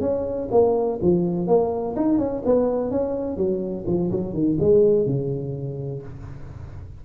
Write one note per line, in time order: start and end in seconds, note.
0.00 0.48 C#4
0.51 0.99 A#3
1.01 1.47 F3
1.47 1.95 A#3
1.95 2.18 D#4
2.18 2.42 C#4
2.45 2.90 B3
2.90 3.36 C#4
3.36 3.84 F#3
3.86 4.10 F3
4.11 4.33 F#3
4.33 4.57 D#3
4.59 5.06 G#3
5.06 6.02 C#3